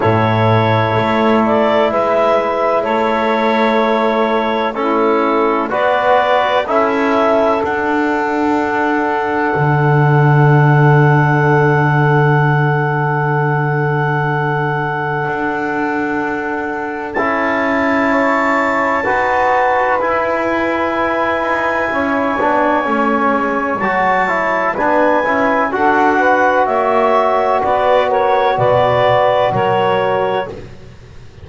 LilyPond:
<<
  \new Staff \with { instrumentName = "clarinet" } { \time 4/4 \tempo 4 = 63 cis''4. d''8 e''4 cis''4~ | cis''4 a'4 d''4 e''4 | fis''1~ | fis''1~ |
fis''2 a''2~ | a''4 gis''2.~ | gis''4 a''4 gis''4 fis''4 | e''4 d''8 cis''8 d''4 cis''4 | }
  \new Staff \with { instrumentName = "saxophone" } { \time 4/4 a'2 b'4 a'4~ | a'4 e'4 b'4 a'4~ | a'1~ | a'1~ |
a'2. cis''4 | b'2. cis''4~ | cis''2 b'4 a'8 b'8 | cis''4 b'8 ais'8 b'4 ais'4 | }
  \new Staff \with { instrumentName = "trombone" } { \time 4/4 e'1~ | e'4 cis'4 fis'4 e'4 | d'1~ | d'1~ |
d'2 e'2 | fis'4 e'2~ e'8 d'8 | cis'4 fis'8 e'8 d'8 e'8 fis'4~ | fis'1 | }
  \new Staff \with { instrumentName = "double bass" } { \time 4/4 a,4 a4 gis4 a4~ | a2 b4 cis'4 | d'2 d2~ | d1 |
d'2 cis'2 | dis'4 e'4. dis'8 cis'8 b8 | a8 gis8 fis4 b8 cis'8 d'4 | ais4 b4 b,4 fis4 | }
>>